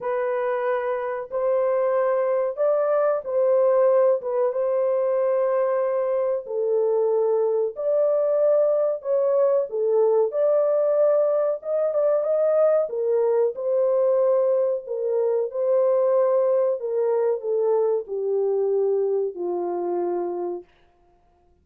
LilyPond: \new Staff \with { instrumentName = "horn" } { \time 4/4 \tempo 4 = 93 b'2 c''2 | d''4 c''4. b'8 c''4~ | c''2 a'2 | d''2 cis''4 a'4 |
d''2 dis''8 d''8 dis''4 | ais'4 c''2 ais'4 | c''2 ais'4 a'4 | g'2 f'2 | }